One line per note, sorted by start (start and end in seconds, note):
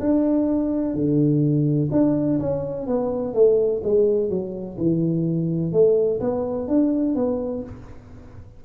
0.00 0.94 D4
0.94 1.90 D3
1.92 2.39 D4
2.40 2.87 C#4
2.87 3.34 B3
3.34 3.81 A3
3.84 4.30 G#3
4.30 4.77 F#3
4.78 5.72 E3
5.72 6.20 A3
6.20 6.68 B3
6.68 7.16 D4
7.16 7.63 B3